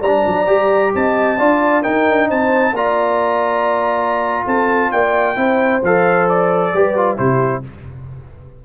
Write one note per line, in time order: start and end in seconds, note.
0.00 0.24 G3
0.00 0.91 D5
0.00 0.93 A#5
0.06 0.46 D4
0.26 0.48 F#3
0.46 0.93 G3
0.46 1.37 G4
0.94 1.40 C4
0.94 1.38 D#5
0.94 1.83 A5
1.38 1.85 D4
1.38 1.83 F4
1.38 1.82 D5
1.82 2.74 D#4
1.82 2.09 D#4
1.82 2.27 A#4
1.82 2.28 G5
2.09 2.30 D4
2.28 2.72 C4
2.28 2.73 C5
2.28 2.75 A5
2.72 4.42 A#3
2.72 5.35 F4
2.72 4.45 D5
2.72 4.46 A#5
4.45 4.92 C4
4.45 4.91 A4
4.45 4.91 A5
4.91 5.36 A#3
4.91 5.37 D5
4.91 5.82 G5
5.35 5.81 C4
5.35 5.81 E4
5.35 6.74 C5
5.82 6.73 F3
5.82 6.75 A4
5.82 6.28 F5
6.28 7.17 D5
6.73 7.18 G3
6.73 6.96 G4
6.73 7.18 B4
6.96 7.17 F4
7.17 7.64 C3
7.17 7.62 E4
7.17 7.63 G4
7.17 7.63 C5